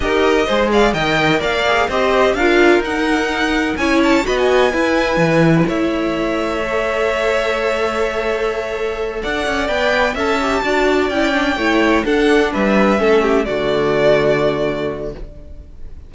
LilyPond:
<<
  \new Staff \with { instrumentName = "violin" } { \time 4/4 \tempo 4 = 127 dis''4. f''8 g''4 f''4 | dis''4 f''4 fis''2 | gis''8 a''8 b''16 gis''2~ gis''8. | e''1~ |
e''2.~ e''8 fis''8~ | fis''8 g''4 a''2 g''8~ | g''4. fis''4 e''4.~ | e''8 d''2.~ d''8 | }
  \new Staff \with { instrumentName = "violin" } { \time 4/4 ais'4 c''8 d''8 dis''4 d''4 | c''4 ais'2. | cis''4 dis''4 b'2 | cis''1~ |
cis''2.~ cis''8 d''8~ | d''4. e''4 d''4.~ | d''8 cis''4 a'4 b'4 a'8 | g'8 fis'2.~ fis'8 | }
  \new Staff \with { instrumentName = "viola" } { \time 4/4 g'4 gis'4 ais'4. gis'8 | g'4 f'4 dis'2 | e'4 fis'4 e'2~ | e'2 a'2~ |
a'1~ | a'8 b'4 a'8 g'8 fis'4 e'8 | d'8 e'4 d'2 cis'8~ | cis'8 a2.~ a8 | }
  \new Staff \with { instrumentName = "cello" } { \time 4/4 dis'4 gis4 dis4 ais4 | c'4 d'4 dis'2 | cis'4 b4 e'4 e4 | a1~ |
a2.~ a8 d'8 | cis'8 b4 cis'4 d'4 cis'8~ | cis'8 a4 d'4 g4 a8~ | a8 d2.~ d8 | }
>>